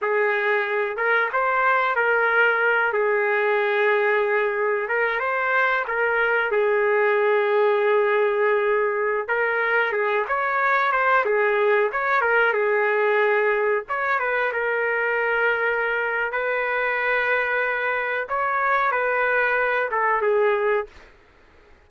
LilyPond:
\new Staff \with { instrumentName = "trumpet" } { \time 4/4 \tempo 4 = 92 gis'4. ais'8 c''4 ais'4~ | ais'8 gis'2. ais'8 | c''4 ais'4 gis'2~ | gis'2~ gis'16 ais'4 gis'8 cis''16~ |
cis''8. c''8 gis'4 cis''8 ais'8 gis'8.~ | gis'4~ gis'16 cis''8 b'8 ais'4.~ ais'16~ | ais'4 b'2. | cis''4 b'4. a'8 gis'4 | }